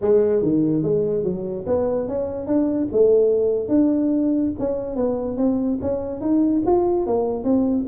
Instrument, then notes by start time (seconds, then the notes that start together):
tuba
0.01 G#3
0.42 D#3
0.82 G#3
1.23 F#3
1.66 B3
2.07 C#4
2.46 D4
2.92 A3
3.68 D4
4.59 C#4
4.96 B3
5.37 C4
5.81 C#4
6.21 D#4
6.66 F4
7.06 A#3
7.44 C4